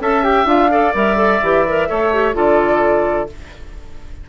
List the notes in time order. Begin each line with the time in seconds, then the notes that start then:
0.00 C#4 A4 E5 A5
0.24 G4 G5
0.45 D4 F4 F5
0.71 A4 D5
0.94 G3 A#4 E5
1.16 A4
1.42 E3 G4
1.68 A#4
1.89 A3 A4 C#5
2.13 G4
2.34 D3 F4 A4 D5